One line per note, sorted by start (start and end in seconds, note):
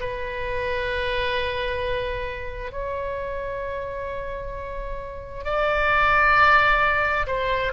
0.00 2.72 B4
2.72 5.45 C#5
5.45 7.26 D5
7.27 7.73 C5